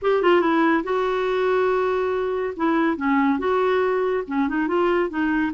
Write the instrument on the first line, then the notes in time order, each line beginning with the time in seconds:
clarinet
0.02 G4
0.22 F4
0.40 E4
0.83 F#4
2.56 E4
2.97 C#4
3.38 F#4
4.27 C#4
4.48 D#4
4.67 F4
5.09 D#4